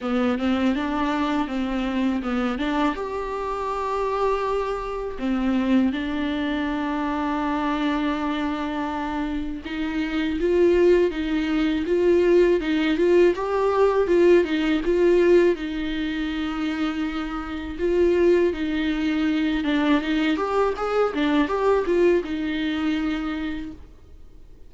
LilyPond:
\new Staff \with { instrumentName = "viola" } { \time 4/4 \tempo 4 = 81 b8 c'8 d'4 c'4 b8 d'8 | g'2. c'4 | d'1~ | d'4 dis'4 f'4 dis'4 |
f'4 dis'8 f'8 g'4 f'8 dis'8 | f'4 dis'2. | f'4 dis'4. d'8 dis'8 g'8 | gis'8 d'8 g'8 f'8 dis'2 | }